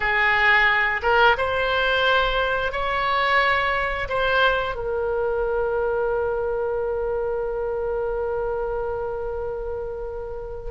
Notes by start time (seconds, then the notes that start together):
0.00 G#4
1.02 A#4
1.37 C5
2.71 C#5
4.08 C5
4.75 A#4